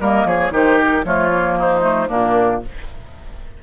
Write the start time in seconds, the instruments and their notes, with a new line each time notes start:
0.00 bassoon G3, clarinet A#3, oboe A#4, flute D#5
0.25 bassoon F3, oboe G#4, flute C#5
0.51 bassoon D#3, clarinet D#4, oboe G4, flute C5
0.77 flute A#4
1.04 bassoon F3, clarinet A3, oboe F4, flute C#5
1.31 clarinet A#3
1.58 oboe D#4, flute C5
1.81 clarinet A3
2.08 bassoon A#2, clarinet A#3, oboe D4, flute A#4